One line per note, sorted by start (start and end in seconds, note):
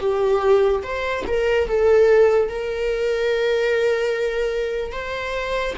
0.00 0.82 G4
0.83 1.24 C5
1.27 1.68 A#4
1.68 2.49 A4
2.49 4.92 A#4
4.92 5.75 C5